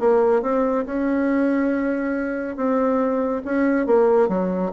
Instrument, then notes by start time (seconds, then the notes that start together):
bassoon
0.00 A#3
0.42 C4
0.86 C#4
2.57 C4
3.45 C#4
3.87 A#3
4.29 F#3